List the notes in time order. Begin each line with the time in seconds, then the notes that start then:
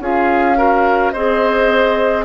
0.00 C#4 F4 G#4 F5
0.55 F#4 A#4
1.11 C4 G#4 C5 D#5